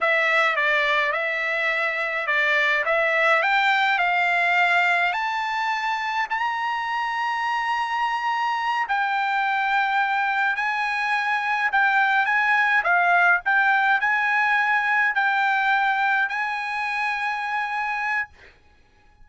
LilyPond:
\new Staff \with { instrumentName = "trumpet" } { \time 4/4 \tempo 4 = 105 e''4 d''4 e''2 | d''4 e''4 g''4 f''4~ | f''4 a''2 ais''4~ | ais''2.~ ais''8 g''8~ |
g''2~ g''8 gis''4.~ | gis''8 g''4 gis''4 f''4 g''8~ | g''8 gis''2 g''4.~ | g''8 gis''2.~ gis''8 | }